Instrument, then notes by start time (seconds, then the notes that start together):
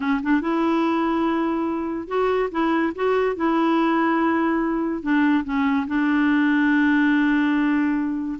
clarinet
0.00 C#4
0.23 D4
0.41 E4
2.07 F#4
2.51 E4
2.95 F#4
3.36 E4
5.02 D4
5.44 C#4
5.87 D4